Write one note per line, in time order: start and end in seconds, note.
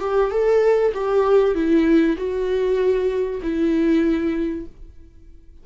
0.00 0.31 G4
0.31 0.93 A4
0.94 1.55 G4
1.55 2.16 E4
2.17 3.41 F#4
3.42 4.66 E4